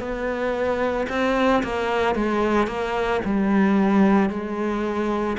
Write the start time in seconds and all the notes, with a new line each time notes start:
0.00 B3
1.10 C4
1.64 A#3
2.15 G#3
2.67 A#3
3.25 G3
4.30 G#3